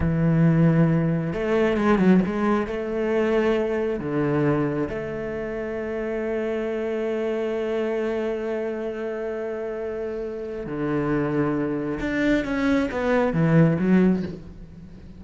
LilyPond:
\new Staff \with { instrumentName = "cello" } { \time 4/4 \tempo 4 = 135 e2. a4 | gis8 fis8 gis4 a2~ | a4 d2 a4~ | a1~ |
a1~ | a1 | d2. d'4 | cis'4 b4 e4 fis4 | }